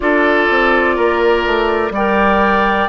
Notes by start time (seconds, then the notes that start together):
0.00 D4 F4 A4 D5
0.49 C4
0.95 A#3 A#4
1.46 A3
1.90 G3 D5 G5
1.96 A#4